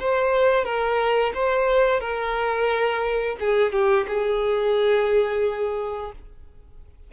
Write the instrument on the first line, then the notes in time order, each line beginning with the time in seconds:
violin
0.00 C5
0.65 A#4
1.35 C5
2.01 A#4
3.40 G#4
3.73 G4
4.08 G#4